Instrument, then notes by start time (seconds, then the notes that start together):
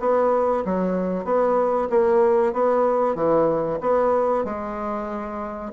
bassoon
0.00 B3
0.65 F#3
1.25 B3
1.90 A#3
2.53 B3
3.15 E3
3.81 B3
4.45 G#3